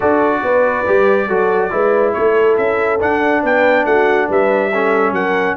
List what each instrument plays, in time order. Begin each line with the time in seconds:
0.00 tuba D4, trombone F#4, horn A4, trumpet D5
0.42 tuba B3, horn B4
0.86 tuba G3, trombone G4
1.28 tuba F#3, trombone F#4, horn A4
1.70 tuba G#3, trombone E4, horn B4
2.13 tuba A3, horn A4, trumpet C#5
2.57 tuba C#4, trumpet E5
3.00 trombone D4, tuba D4, trumpet F#5
3.42 tuba B3, horn B4, trumpet G5
3.85 tuba A3, horn F#4, trumpet F#5
4.28 tuba G3, horn B4, trumpet E5
4.73 trombone C#4, horn A4
5.11 tuba F#3, horn A#4, trumpet F#5